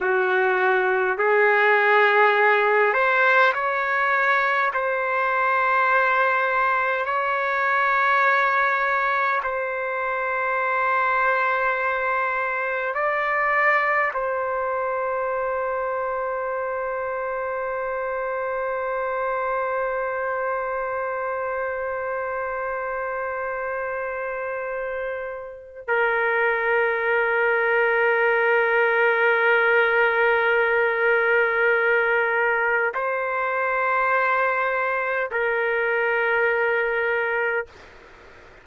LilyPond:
\new Staff \with { instrumentName = "trumpet" } { \time 4/4 \tempo 4 = 51 fis'4 gis'4. c''8 cis''4 | c''2 cis''2 | c''2. d''4 | c''1~ |
c''1~ | c''2 ais'2~ | ais'1 | c''2 ais'2 | }